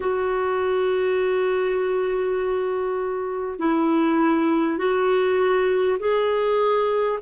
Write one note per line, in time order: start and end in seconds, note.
0.00 3.58 F#4
3.58 4.78 E4
4.78 5.98 F#4
5.99 7.19 G#4